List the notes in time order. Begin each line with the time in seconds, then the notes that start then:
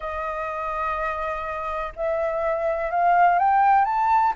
0.00 D#5
1.96 E5
2.90 F5
3.38 G5
3.84 A5